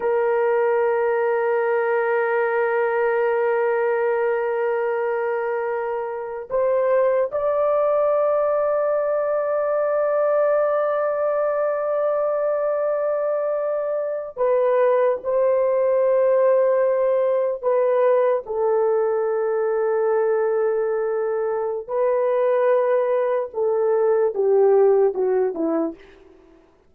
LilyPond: \new Staff \with { instrumentName = "horn" } { \time 4/4 \tempo 4 = 74 ais'1~ | ais'1 | c''4 d''2.~ | d''1~ |
d''4.~ d''16 b'4 c''4~ c''16~ | c''4.~ c''16 b'4 a'4~ a'16~ | a'2. b'4~ | b'4 a'4 g'4 fis'8 e'8 | }